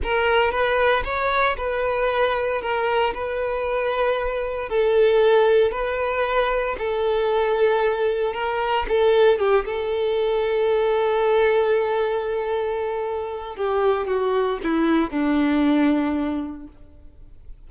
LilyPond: \new Staff \with { instrumentName = "violin" } { \time 4/4 \tempo 4 = 115 ais'4 b'4 cis''4 b'4~ | b'4 ais'4 b'2~ | b'4 a'2 b'4~ | b'4 a'2. |
ais'4 a'4 g'8 a'4.~ | a'1~ | a'2 g'4 fis'4 | e'4 d'2. | }